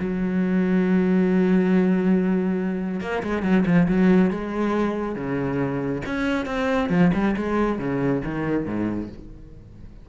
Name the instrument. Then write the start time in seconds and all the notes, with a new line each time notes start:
cello
0.00 F#3
3.01 A#3
3.23 G#3
3.43 F#3
3.66 F3
3.89 F#3
4.31 G#3
5.16 C#3
6.06 C#4
6.46 C4
6.90 F3
7.14 G3
7.37 G#3
7.79 C#3
8.25 D#3
8.66 G#2